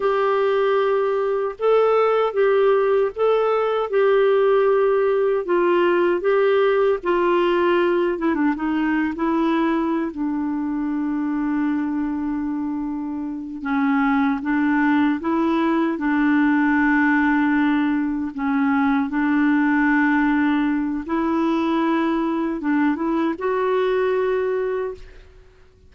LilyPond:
\new Staff \with { instrumentName = "clarinet" } { \time 4/4 \tempo 4 = 77 g'2 a'4 g'4 | a'4 g'2 f'4 | g'4 f'4. e'16 d'16 dis'8. e'16~ | e'4 d'2.~ |
d'4. cis'4 d'4 e'8~ | e'8 d'2. cis'8~ | cis'8 d'2~ d'8 e'4~ | e'4 d'8 e'8 fis'2 | }